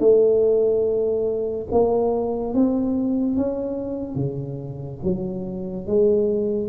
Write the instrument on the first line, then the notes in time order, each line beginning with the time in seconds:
tuba
0.00 A3
1.72 A#3
2.54 C4
3.37 C#4
4.16 C#3
5.04 F#3
5.87 G#3